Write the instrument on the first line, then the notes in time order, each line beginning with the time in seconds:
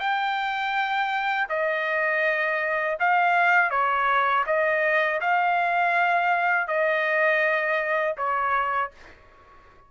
trumpet
0.00 G5
1.50 D#5
3.00 F5
3.71 C#5
4.47 D#5
5.21 F5
6.68 D#5
8.18 C#5